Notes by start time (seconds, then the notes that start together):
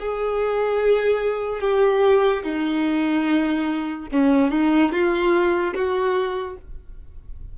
0.00 G#4
1.61 G4
2.44 D#4
4.12 C#4
4.52 D#4
4.92 F4
5.75 F#4